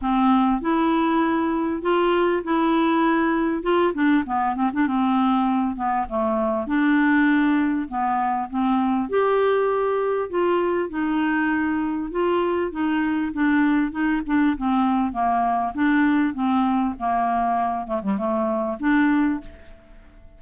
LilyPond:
\new Staff \with { instrumentName = "clarinet" } { \time 4/4 \tempo 4 = 99 c'4 e'2 f'4 | e'2 f'8 d'8 b8 c'16 d'16 | c'4. b8 a4 d'4~ | d'4 b4 c'4 g'4~ |
g'4 f'4 dis'2 | f'4 dis'4 d'4 dis'8 d'8 | c'4 ais4 d'4 c'4 | ais4. a16 g16 a4 d'4 | }